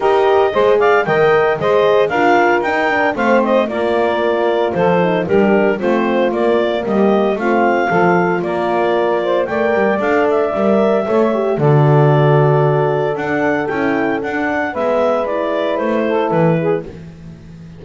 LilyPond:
<<
  \new Staff \with { instrumentName = "clarinet" } { \time 4/4 \tempo 4 = 114 dis''4. f''8 g''4 dis''4 | f''4 g''4 f''8 dis''8 d''4~ | d''4 c''4 ais'4 c''4 | d''4 dis''4 f''2 |
d''2 g''4 f''8 e''8~ | e''2 d''2~ | d''4 fis''4 g''4 fis''4 | e''4 d''4 c''4 b'4 | }
  \new Staff \with { instrumentName = "saxophone" } { \time 4/4 ais'4 c''8 d''8 dis''4 c''4 | ais'2 c''4 ais'4~ | ais'4 a'4 g'4 f'4~ | f'4 g'4 f'4 a'4 |
ais'4. c''8 d''2~ | d''4 cis''4 a'2~ | a'1 | b'2~ b'8 a'4 gis'8 | }
  \new Staff \with { instrumentName = "horn" } { \time 4/4 g'4 gis'4 ais'4 gis'4 | f'4 dis'8 d'8 c'4 f'4~ | f'4. dis'8 d'4 c'4 | ais2 c'4 f'4~ |
f'2 ais'4 a'4 | ais'4 a'8 g'8 fis'2~ | fis'4 d'4 e'4 d'4 | b4 e'2. | }
  \new Staff \with { instrumentName = "double bass" } { \time 4/4 dis'4 gis4 dis4 gis4 | d'4 dis'4 a4 ais4~ | ais4 f4 g4 a4 | ais4 g4 a4 f4 |
ais2 a8 g8 d'4 | g4 a4 d2~ | d4 d'4 cis'4 d'4 | gis2 a4 e4 | }
>>